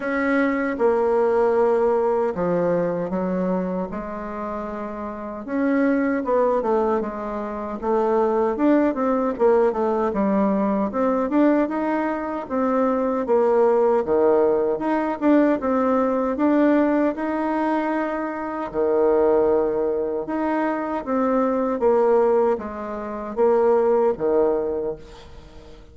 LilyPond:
\new Staff \with { instrumentName = "bassoon" } { \time 4/4 \tempo 4 = 77 cis'4 ais2 f4 | fis4 gis2 cis'4 | b8 a8 gis4 a4 d'8 c'8 | ais8 a8 g4 c'8 d'8 dis'4 |
c'4 ais4 dis4 dis'8 d'8 | c'4 d'4 dis'2 | dis2 dis'4 c'4 | ais4 gis4 ais4 dis4 | }